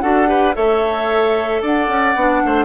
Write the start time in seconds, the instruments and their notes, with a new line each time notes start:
0.00 bassoon D4, clarinet F#4, oboe A4, flute F#5
0.26 clarinet G4, oboe B4
0.54 bassoon A3, clarinet A4, oboe C#5, flute E5
1.62 bassoon D4, oboe D5, flute F#5
1.87 bassoon C#4
2.15 bassoon B3, clarinet D4
2.45 bassoon A3, oboe C5